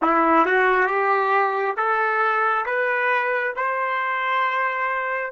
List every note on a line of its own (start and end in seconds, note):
0.02 0.46 E4
0.46 0.86 F#4
0.86 1.74 G4
1.76 2.65 A4
2.65 3.53 B4
3.56 5.32 C5